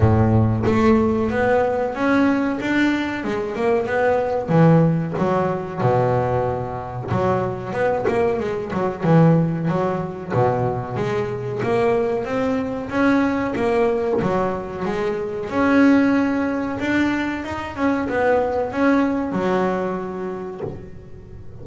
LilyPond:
\new Staff \with { instrumentName = "double bass" } { \time 4/4 \tempo 4 = 93 a,4 a4 b4 cis'4 | d'4 gis8 ais8 b4 e4 | fis4 b,2 fis4 | b8 ais8 gis8 fis8 e4 fis4 |
b,4 gis4 ais4 c'4 | cis'4 ais4 fis4 gis4 | cis'2 d'4 dis'8 cis'8 | b4 cis'4 fis2 | }